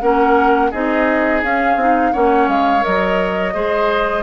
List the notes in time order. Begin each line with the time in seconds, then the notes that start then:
0.00 A#3 C#4 A#4 F#5
0.70 C4 D#4 G#4 D#5
1.42 C#4 F5
1.75 C4 D#4
2.12 A#3 C#4 C#5 F#5
2.47 G#3 F5
2.81 F#3 A#4 D#5
3.53 G#3 G#4 C5